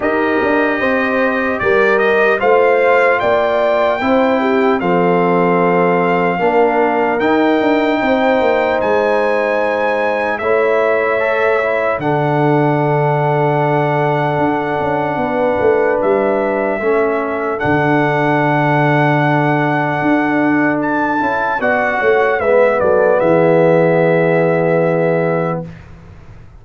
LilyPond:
<<
  \new Staff \with { instrumentName = "trumpet" } { \time 4/4 \tempo 4 = 75 dis''2 d''8 dis''8 f''4 | g''2 f''2~ | f''4 g''2 gis''4~ | gis''4 e''2 fis''4~ |
fis''1 | e''2 fis''2~ | fis''2 a''4 fis''4 | e''8 d''8 e''2. | }
  \new Staff \with { instrumentName = "horn" } { \time 4/4 ais'4 c''4 ais'4 c''4 | d''4 c''8 g'8 a'2 | ais'2 c''2~ | c''4 cis''2 a'4~ |
a'2. b'4~ | b'4 a'2.~ | a'2. d''8 cis''8 | b'8 a'8 gis'2. | }
  \new Staff \with { instrumentName = "trombone" } { \time 4/4 g'2. f'4~ | f'4 e'4 c'2 | d'4 dis'2.~ | dis'4 e'4 a'8 e'8 d'4~ |
d'1~ | d'4 cis'4 d'2~ | d'2~ d'8 e'8 fis'4 | b1 | }
  \new Staff \with { instrumentName = "tuba" } { \time 4/4 dis'8 d'8 c'4 g4 a4 | ais4 c'4 f2 | ais4 dis'8 d'8 c'8 ais8 gis4~ | gis4 a2 d4~ |
d2 d'8 cis'8 b8 a8 | g4 a4 d2~ | d4 d'4. cis'8 b8 a8 | gis8 fis8 e2. | }
>>